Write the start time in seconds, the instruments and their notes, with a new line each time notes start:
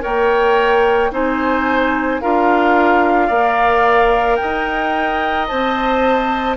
0.00 bassoon A#3, clarinet A#4, oboe C#5, flute G5
1.11 bassoon C4, clarinet D#4, oboe C5, flute G#5
2.20 bassoon D4, clarinet F4, oboe A#4, flute F5
3.27 bassoon A#3, clarinet A#4, oboe D5
4.36 oboe D#5, flute G5
4.43 bassoon D#4
5.47 bassoon C4, clarinet C5, flute A5